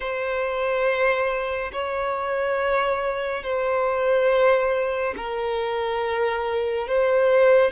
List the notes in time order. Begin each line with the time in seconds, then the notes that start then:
0.00 C5
1.72 C#5
3.43 C5
5.17 A#4
6.87 C5